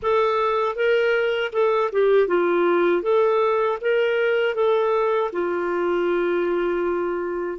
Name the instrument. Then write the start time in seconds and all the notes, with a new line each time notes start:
clarinet
0.02 A4
0.75 A#4
1.52 A4
1.92 G4
2.27 F4
3.02 A4
3.81 A#4
4.54 A4
5.32 F4